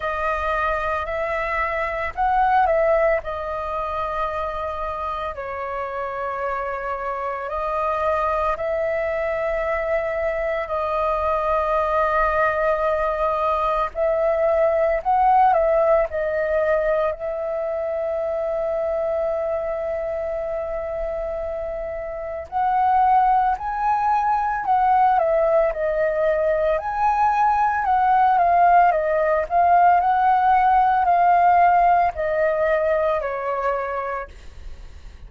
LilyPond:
\new Staff \with { instrumentName = "flute" } { \time 4/4 \tempo 4 = 56 dis''4 e''4 fis''8 e''8 dis''4~ | dis''4 cis''2 dis''4 | e''2 dis''2~ | dis''4 e''4 fis''8 e''8 dis''4 |
e''1~ | e''4 fis''4 gis''4 fis''8 e''8 | dis''4 gis''4 fis''8 f''8 dis''8 f''8 | fis''4 f''4 dis''4 cis''4 | }